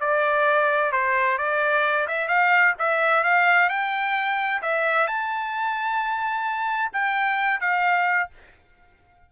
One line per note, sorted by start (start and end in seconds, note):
0.00 0.92 D5
0.92 1.38 C5
1.38 2.07 D5
2.07 2.28 E5
2.28 2.74 F5
2.79 3.23 E5
3.23 3.69 F5
3.69 4.62 G5
4.62 5.07 E5
5.07 6.91 A5
6.93 7.60 G5
7.60 8.30 F5